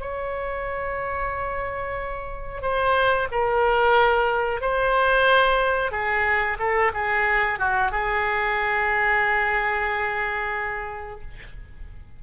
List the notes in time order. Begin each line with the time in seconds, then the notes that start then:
0.00 C#5
2.62 C5
3.31 A#4
4.61 C5
5.91 G#4
6.59 A4
6.94 G#4
7.59 F#4
7.92 G#4